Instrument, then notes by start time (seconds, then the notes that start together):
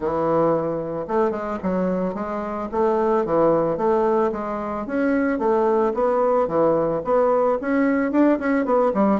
bassoon
0.00 E3
1.07 A3
1.30 G#3
1.62 F#3
2.14 G#3
2.71 A3
3.25 E3
3.77 A3
4.32 G#3
4.86 C#4
5.38 A3
5.94 B3
6.47 E3
7.04 B3
7.61 C#4
8.11 D4
8.39 C#4
8.65 B3
8.94 G3